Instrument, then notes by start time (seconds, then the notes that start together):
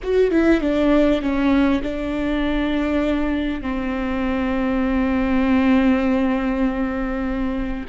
viola
0.02 F#4
0.30 E4
0.61 D4
1.21 C#4
1.82 D4
3.61 C4